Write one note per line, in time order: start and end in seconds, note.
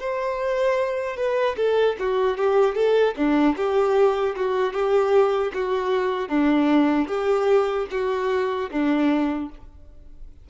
0.00 1.17 C5
1.17 1.56 B4
1.56 1.96 A4
2.00 2.38 F#4
2.38 2.75 G4
2.75 3.14 A4
3.17 3.56 D4
3.56 4.35 G4
4.36 4.73 F#4
4.73 5.52 G4
5.54 6.29 F#4
6.29 7.08 D4
7.08 7.87 G4
7.91 8.70 F#4
8.71 9.50 D4